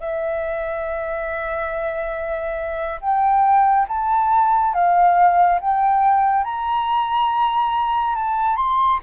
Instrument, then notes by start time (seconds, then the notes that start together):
flute
0.00 E5
3.01 G5
3.88 A5
4.74 F5
5.60 G5
6.44 A#5
8.15 A5
8.56 C6